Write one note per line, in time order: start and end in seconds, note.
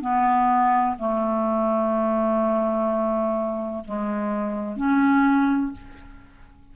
0.00 0.95 B3
0.98 3.84 A3
3.84 4.76 G#3
4.76 5.71 C#4